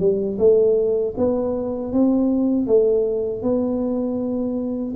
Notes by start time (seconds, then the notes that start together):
0.00 G3
0.39 A3
1.18 B3
1.93 C4
2.68 A3
3.43 B3